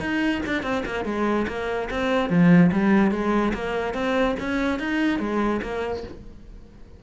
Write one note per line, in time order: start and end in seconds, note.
0.00 0.41 D#4
0.46 0.63 D4
0.63 0.84 C4
0.86 1.05 A#3
1.05 1.46 G#3
1.48 1.89 A#3
1.91 2.30 C4
2.30 2.71 F3
2.72 3.11 G3
3.11 3.53 G#3
3.54 3.94 A#3
3.94 4.36 C4
4.40 4.79 C#4
4.79 5.19 D#4
5.19 5.61 G#3
5.62 6.04 A#3